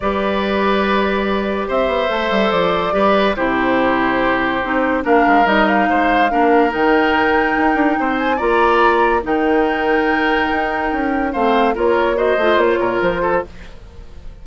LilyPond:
<<
  \new Staff \with { instrumentName = "flute" } { \time 4/4 \tempo 4 = 143 d''1 | e''2 d''2 | c''1 | f''4 dis''8 f''2~ f''8 |
g''2.~ g''8 gis''8 | ais''2 g''2~ | g''2. f''4 | cis''4 dis''4 cis''4 c''4 | }
  \new Staff \with { instrumentName = "oboe" } { \time 4/4 b'1 | c''2. b'4 | g'1 | ais'2 c''4 ais'4~ |
ais'2. c''4 | d''2 ais'2~ | ais'2. c''4 | ais'4 c''4. ais'4 a'8 | }
  \new Staff \with { instrumentName = "clarinet" } { \time 4/4 g'1~ | g'4 a'2 g'4 | e'2. dis'4 | d'4 dis'2 d'4 |
dis'1 | f'2 dis'2~ | dis'2. c'4 | f'4 fis'8 f'2~ f'8 | }
  \new Staff \with { instrumentName = "bassoon" } { \time 4/4 g1 | c'8 b8 a8 g8 f4 g4 | c2. c'4 | ais8 gis8 g4 gis4 ais4 |
dis2 dis'8 d'8 c'4 | ais2 dis2~ | dis4 dis'4 cis'4 a4 | ais4. a8 ais8 ais,8 f4 | }
>>